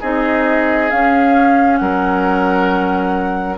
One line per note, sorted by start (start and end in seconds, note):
0.00 0.91 C4
0.00 0.90 D#4
0.00 1.79 G#4
0.00 0.90 D#5
0.90 3.58 C#4
0.90 1.80 C#4
0.90 1.76 F5
1.76 3.58 F#3
1.76 3.58 A#4
1.76 3.55 F#5